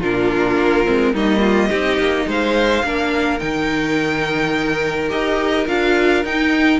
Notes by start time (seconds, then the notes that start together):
0.00 A#2 D4 F4 A#4
0.57 A#3
0.85 G#3 C4
1.13 G3 A#3 D#4 D#5
1.40 F4
1.69 C4 D#4 G4
1.98 A#3
2.27 G#3 C5 F5
2.84 A#3 D4 A#4
3.39 D#3 D#4 G5
5.09 D#4 G4 D#5
5.67 D4 F4 F5
6.24 D#4 G5